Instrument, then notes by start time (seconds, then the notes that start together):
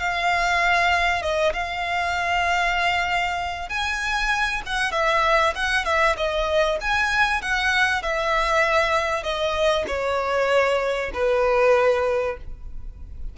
violin
0.00 F5
1.23 D#5
1.54 F5
3.70 G#5
4.66 F#5
4.92 E5
5.56 F#5
5.85 E5
6.17 D#5
6.81 G#5
7.42 F#5
8.03 E5
9.24 D#5
9.88 C#5
11.14 B4